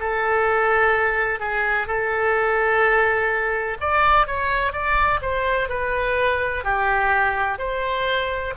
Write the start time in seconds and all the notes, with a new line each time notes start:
0.00 A4
1.39 G#4
1.87 A4
3.80 D5
4.26 C#5
4.72 D5
5.21 C5
5.68 B4
6.64 G4
7.58 C5